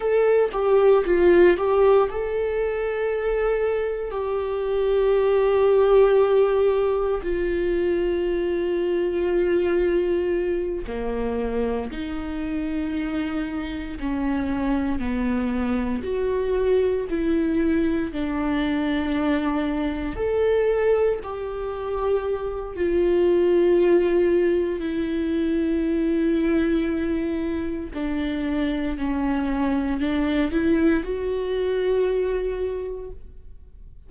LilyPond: \new Staff \with { instrumentName = "viola" } { \time 4/4 \tempo 4 = 58 a'8 g'8 f'8 g'8 a'2 | g'2. f'4~ | f'2~ f'8 ais4 dis'8~ | dis'4. cis'4 b4 fis'8~ |
fis'8 e'4 d'2 a'8~ | a'8 g'4. f'2 | e'2. d'4 | cis'4 d'8 e'8 fis'2 | }